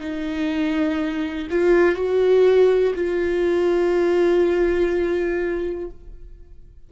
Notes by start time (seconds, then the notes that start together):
0.00 D#4
1.50 F4
1.95 F#4
2.95 F4